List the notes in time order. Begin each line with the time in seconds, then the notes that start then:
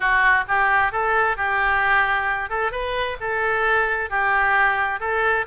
0.00 F#4
0.48 G4
0.92 A4
1.37 G4
2.49 A4
2.71 B4
3.20 A4
4.10 G4
5.00 A4